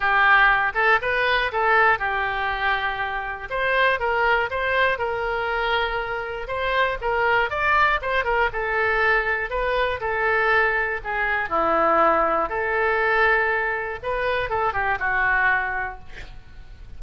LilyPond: \new Staff \with { instrumentName = "oboe" } { \time 4/4 \tempo 4 = 120 g'4. a'8 b'4 a'4 | g'2. c''4 | ais'4 c''4 ais'2~ | ais'4 c''4 ais'4 d''4 |
c''8 ais'8 a'2 b'4 | a'2 gis'4 e'4~ | e'4 a'2. | b'4 a'8 g'8 fis'2 | }